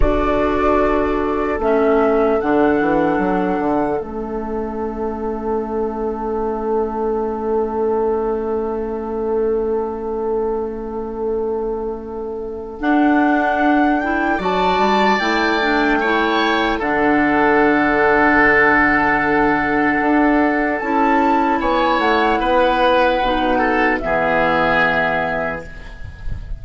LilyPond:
<<
  \new Staff \with { instrumentName = "flute" } { \time 4/4 \tempo 4 = 75 d''2 e''4 fis''4~ | fis''4 e''2.~ | e''1~ | e''1 |
fis''4. g''8 a''4 g''4~ | g''4 fis''2.~ | fis''2 a''4 gis''8 fis''8~ | fis''2 e''2 | }
  \new Staff \with { instrumentName = "oboe" } { \time 4/4 a'1~ | a'1~ | a'1~ | a'1~ |
a'2 d''2 | cis''4 a'2.~ | a'2. cis''4 | b'4. a'8 gis'2 | }
  \new Staff \with { instrumentName = "clarinet" } { \time 4/4 fis'2 cis'4 d'4~ | d'4 cis'2.~ | cis'1~ | cis'1 |
d'4. e'8 fis'4 e'8 d'8 | e'4 d'2.~ | d'2 e'2~ | e'4 dis'4 b2 | }
  \new Staff \with { instrumentName = "bassoon" } { \time 4/4 d'2 a4 d8 e8 | fis8 d8 a2.~ | a1~ | a1 |
d'2 fis8 g8 a4~ | a4 d2.~ | d4 d'4 cis'4 b8 a8 | b4 b,4 e2 | }
>>